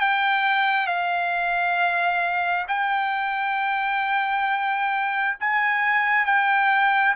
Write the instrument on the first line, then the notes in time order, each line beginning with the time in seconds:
trumpet
0.00 G5
0.86 F5
2.68 G5
5.40 G#5
6.25 G5